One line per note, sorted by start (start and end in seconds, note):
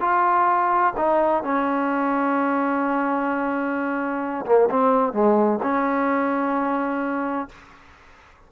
0.00 0.93 F4
0.97 1.43 D#4
1.43 4.45 C#4
4.46 4.69 A#3
4.70 5.13 C4
5.13 5.59 G#3
5.62 7.48 C#4